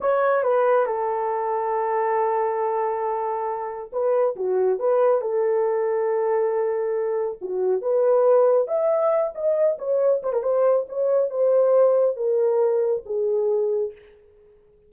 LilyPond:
\new Staff \with { instrumentName = "horn" } { \time 4/4 \tempo 4 = 138 cis''4 b'4 a'2~ | a'1~ | a'4 b'4 fis'4 b'4 | a'1~ |
a'4 fis'4 b'2 | e''4. dis''4 cis''4 c''16 ais'16 | c''4 cis''4 c''2 | ais'2 gis'2 | }